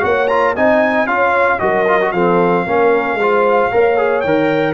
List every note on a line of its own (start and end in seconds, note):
0.00 0.56 A#3
0.00 0.26 F#4
0.00 0.55 C#5
0.00 0.27 F#5
0.27 0.56 F4
0.27 0.54 A#5
0.55 1.06 C4
0.55 1.07 D#4
0.55 1.07 D#5
0.55 1.07 G#5
1.06 1.59 C#4
1.06 1.59 F4
1.06 1.60 C#5
1.06 1.59 F5
1.59 2.12 F#3
1.59 1.85 F#4
1.59 2.13 A#4
1.59 2.12 D#5
1.87 2.01 F4
2.01 2.14 F#4
2.12 2.65 F3
2.12 2.67 C4
2.12 2.65 A4
2.12 4.21 F5
2.66 3.14 A#3
2.66 3.19 C#4
2.66 3.20 A#4
3.14 3.67 G#3
3.14 3.73 C5
3.21 3.72 F4
3.72 4.24 A#3
3.72 3.97 A#4
3.72 4.74 C#5
3.97 4.23 G#4
4.21 4.74 D#3
4.21 4.74 A#4
4.21 4.73 G5